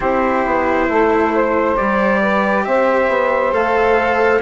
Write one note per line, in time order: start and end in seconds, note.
0.00 0.45 C4
0.00 1.75 E4
0.00 0.88 G4
0.00 1.76 C5
0.45 0.88 B3
0.88 1.76 A3
0.88 1.33 A4
1.33 2.20 C5
1.76 2.66 G3
1.76 3.51 G4
1.76 2.64 D5
2.20 2.64 B4
2.64 3.08 C4
2.64 4.41 C5
2.64 3.53 E5
3.08 3.52 B3
3.51 4.41 A3
3.51 4.40 A4
3.51 4.41 F5